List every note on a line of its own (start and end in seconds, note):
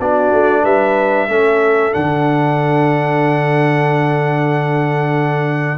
0.00 0.32 B3
0.00 1.29 D4
0.00 0.63 F#4
0.00 0.65 D5
0.33 0.64 A3
0.63 1.28 G3
0.63 1.28 B4
0.63 1.94 E5
1.28 1.93 A3
1.28 1.92 C#4
1.28 5.78 A4
1.92 5.78 D3
1.92 5.78 D4
1.92 5.78 F#5